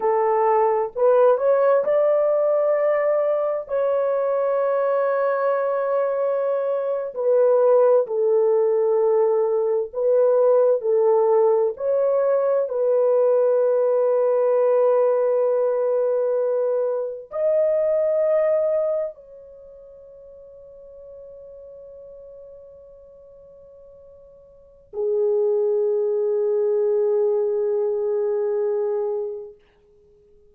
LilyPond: \new Staff \with { instrumentName = "horn" } { \time 4/4 \tempo 4 = 65 a'4 b'8 cis''8 d''2 | cis''2.~ cis''8. b'16~ | b'8. a'2 b'4 a'16~ | a'8. cis''4 b'2~ b'16~ |
b'2~ b'8. dis''4~ dis''16~ | dis''8. cis''2.~ cis''16~ | cis''2. gis'4~ | gis'1 | }